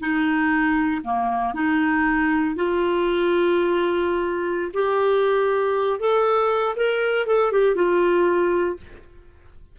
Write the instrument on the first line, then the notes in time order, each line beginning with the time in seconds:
clarinet
0.00 D#4
1.04 A#3
1.54 D#4
2.56 F4
4.74 G4
6.00 A4
6.76 A#4
7.27 A4
7.52 G4
7.75 F4